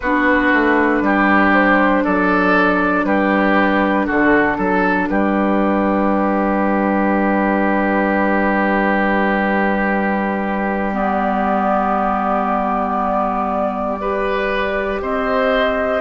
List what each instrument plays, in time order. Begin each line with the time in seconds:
0.00 bassoon B3, clarinet D4, oboe F#4, flute B4
0.53 bassoon A3
1.01 bassoon G3, oboe G4
1.53 flute C5
2.04 bassoon F#3, oboe A4, flute D5
3.04 bassoon G3, oboe G4, flute B4
4.06 bassoon D3, oboe F#4, flute A4
4.58 bassoon F#3, oboe A4
5.08 bassoon G3, oboe G4, flute B4
10.93 clarinet B3, flute D5
13.98 clarinet G4, oboe B4
15.01 bassoon C4, oboe C5, flute D#5